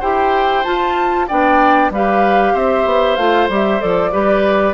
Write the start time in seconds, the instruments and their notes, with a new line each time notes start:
0.00 bassoon E4, clarinet G4, oboe C5, flute G5
0.64 clarinet F4, bassoon F4, flute A5
1.28 bassoon B3, clarinet D4, oboe D5, flute G5
1.90 bassoon G3, clarinet G4, oboe B4, flute F5
2.53 bassoon C4, oboe C5, flute E5
2.86 bassoon B3
3.16 bassoon A3, clarinet F4, flute F5
3.49 bassoon G3, clarinet G4, flute E5
3.80 bassoon F3, clarinet A4, flute D5
4.12 bassoon G3, clarinet G4, oboe B4